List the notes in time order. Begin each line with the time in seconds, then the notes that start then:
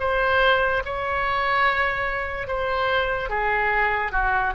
0.00 C5
0.85 C#5
2.47 C5
3.30 G#4
4.12 F#4